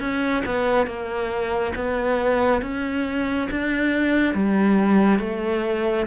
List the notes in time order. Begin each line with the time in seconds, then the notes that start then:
0.00 C#4
0.46 B3
0.87 A#3
1.75 B3
2.62 C#4
3.51 D4
4.34 G3
5.20 A3